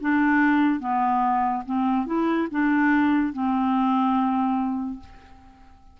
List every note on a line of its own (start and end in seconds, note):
0.00 0.80 D4
0.80 1.63 B3
1.66 2.06 C4
2.06 2.48 E4
2.51 3.33 D4
3.33 5.00 C4